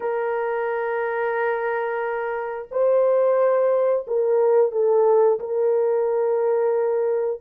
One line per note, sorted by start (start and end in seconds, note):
0.00 2.68 A#4
2.71 4.05 C5
4.07 4.71 A#4
4.71 5.39 A4
5.39 7.40 A#4